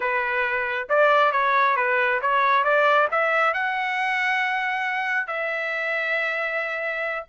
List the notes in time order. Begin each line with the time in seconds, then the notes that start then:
0.00 B4
0.89 D5
1.32 C#5
1.76 B4
2.21 C#5
2.64 D5
3.11 E5
3.53 F#5
5.27 E5